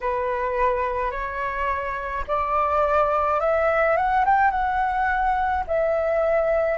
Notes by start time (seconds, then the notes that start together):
0.01 B4
1.11 C#5
2.27 D5
3.40 E5
3.96 F#5
4.25 G5
4.50 F#5
5.67 E5